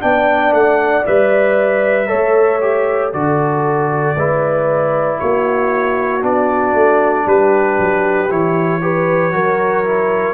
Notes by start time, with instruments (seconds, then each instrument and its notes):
0.00 tuba B3, trombone D4, horn D5, trumpet G5
0.52 tuba A3, trumpet F#5
1.06 tuba G3, trombone B4, trumpet E5
2.07 tuba A3, trombone A4, horn C#5
2.61 trombone G4
3.13 tuba D3, trombone F#4, horn A4, trumpet D5
4.16 tuba G#3, trombone E4, horn B4
5.19 tuba A#3, horn F#4, trumpet C#5
6.21 tuba B3, trombone D4, trumpet D5
6.74 tuba A3
7.25 tuba G3, horn G4, trumpet B4
7.78 tuba F#3
8.30 tuba E3, trombone E4, trumpet C#5
8.81 trombone G4, horn B4
9.32 tuba F#3, trombone F#4, horn A#4
9.84 trombone E4